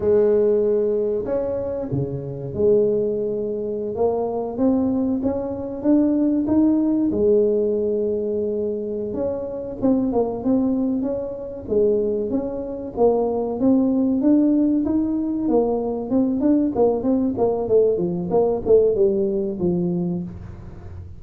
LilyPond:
\new Staff \with { instrumentName = "tuba" } { \time 4/4 \tempo 4 = 95 gis2 cis'4 cis4 | gis2~ gis16 ais4 c'8.~ | c'16 cis'4 d'4 dis'4 gis8.~ | gis2~ gis8 cis'4 c'8 |
ais8 c'4 cis'4 gis4 cis'8~ | cis'8 ais4 c'4 d'4 dis'8~ | dis'8 ais4 c'8 d'8 ais8 c'8 ais8 | a8 f8 ais8 a8 g4 f4 | }